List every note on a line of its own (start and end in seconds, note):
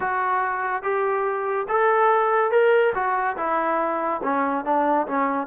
0.00 0.82 F#4
0.82 1.66 G4
1.68 2.51 A4
2.51 2.93 A#4
2.94 3.36 F#4
3.37 4.21 E4
4.23 4.64 C#4
4.64 5.06 D4
5.07 5.47 C#4